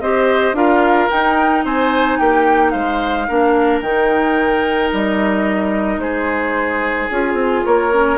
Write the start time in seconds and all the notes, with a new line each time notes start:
0.00 C4 G4 C5 D#5
0.52 D4 F4 A#4 F5
1.10 D#4 G5
1.64 C4 C5 G#5
2.18 A#3 G4 G5
2.70 G#3 C5 F5
3.28 A#3 D4 A#4
3.81 D#3 D#4 G5
4.92 G3 D#5
5.97 G#3 G#4 C5
7.10 C#4 F4 G#4
7.33 C4
7.65 A#3 A#4 C#5
7.92 C#4